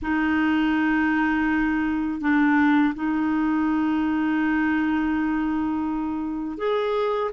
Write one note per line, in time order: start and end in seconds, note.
0.02 2.21 D#4
2.21 2.94 D4
2.94 6.57 D#4
6.57 7.30 G#4